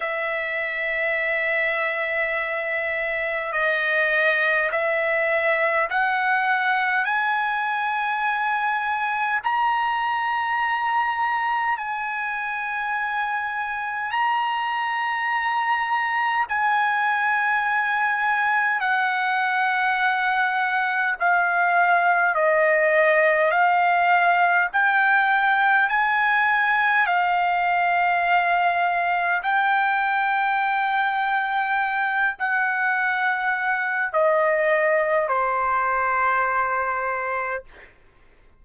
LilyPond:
\new Staff \with { instrumentName = "trumpet" } { \time 4/4 \tempo 4 = 51 e''2. dis''4 | e''4 fis''4 gis''2 | ais''2 gis''2 | ais''2 gis''2 |
fis''2 f''4 dis''4 | f''4 g''4 gis''4 f''4~ | f''4 g''2~ g''8 fis''8~ | fis''4 dis''4 c''2 | }